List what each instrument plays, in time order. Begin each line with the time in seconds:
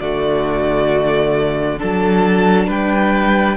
0.00 cello D3, viola A3, violin F#4 D5
1.78 cello F#3, viola D4, violin A4 A5
2.67 cello G3, violin B4 G5